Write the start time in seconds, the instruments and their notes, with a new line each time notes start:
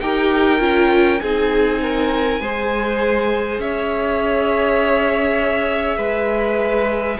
0.00 cello D#4, viola G4, violin A#4 G5
0.58 cello C#4, viola F4
1.20 cello C4, viola D#4, violin G#4 G#5
1.81 violin A#4
2.40 cello G#3, viola G#4, violin C5
3.58 cello C#4, violin C#5 E5
5.97 cello G#3, violin B4